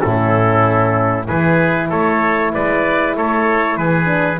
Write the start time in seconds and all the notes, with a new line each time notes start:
0.00 A2 C#4 E4 A4
1.27 E3 E4 G#4 B4
1.88 A3 A4 C#5
2.53 G#3 B4 D5
3.16 A3 A4 C#5
3.77 E3 G#4 B4
4.04 D4